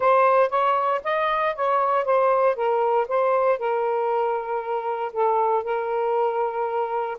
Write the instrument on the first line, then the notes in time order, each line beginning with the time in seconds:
saxophone
0.00 C5
0.49 C#5
1.04 D#5
1.55 C#5
2.04 C5
2.55 A#4
3.08 C5
3.58 A#4
5.12 A4
5.63 A#4